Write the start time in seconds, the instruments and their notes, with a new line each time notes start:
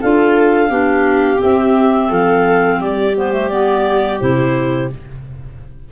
0.00 tuba D4, clarinet F4 F5, viola A4
0.68 tuba B3, clarinet D4, viola G4
1.37 clarinet C4 E5, tuba C4
2.08 tuba F3, viola A4, clarinet F5
2.79 tuba G3, viola G4, clarinet D5
3.15 clarinet B3 C5
3.32 clarinet A3
3.49 clarinet B3 D5
4.19 tuba C3, clarinet E4 C5